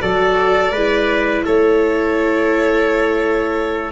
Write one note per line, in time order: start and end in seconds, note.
0.00 0.71 F#3
0.00 0.72 F#4
0.00 0.72 A4
0.00 1.43 D5
0.71 1.43 G#3
0.71 3.91 E4
0.71 1.43 B4
1.45 3.91 A3
1.45 3.91 A4
1.45 3.91 C#5